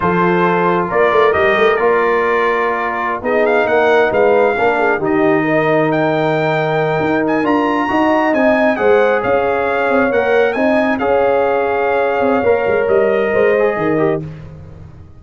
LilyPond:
<<
  \new Staff \with { instrumentName = "trumpet" } { \time 4/4 \tempo 4 = 135 c''2 d''4 dis''4 | d''2.~ d''16 dis''8 f''16~ | f''16 fis''4 f''2 dis''8.~ | dis''4~ dis''16 g''2~ g''8.~ |
g''16 gis''8 ais''2 gis''4 fis''16~ | fis''8. f''2 fis''4 gis''16~ | gis''8. f''2.~ f''16~ | f''4 dis''2. | }
  \new Staff \with { instrumentName = "horn" } { \time 4/4 a'2 ais'2~ | ais'2.~ ais'16 gis'8.~ | gis'16 ais'4 b'4 ais'8 gis'8 g'8.~ | g'16 ais'2.~ ais'8.~ |
ais'4.~ ais'16 dis''2 c''16~ | c''8. cis''2. dis''16~ | dis''8. cis''2.~ cis''16~ | cis''2 c''4 ais'4 | }
  \new Staff \with { instrumentName = "trombone" } { \time 4/4 f'2. g'4 | f'2.~ f'16 dis'8.~ | dis'2~ dis'16 d'4 dis'8.~ | dis'1~ |
dis'8. f'4 fis'4 dis'4 gis'16~ | gis'2~ gis'8. ais'4 dis'16~ | dis'8. gis'2.~ gis'16 | ais'2~ ais'8 gis'4 g'8 | }
  \new Staff \with { instrumentName = "tuba" } { \time 4/4 f2 ais8 a8 g8 a8 | ais2.~ ais16 b8.~ | b16 ais4 gis4 ais4 dis8.~ | dis2.~ dis8. dis'16~ |
dis'8. d'4 dis'4 c'4 gis16~ | gis8. cis'4. c'8 ais4 c'16~ | c'8. cis'2~ cis'8. c'8 | ais8 gis8 g4 gis4 dis4 | }
>>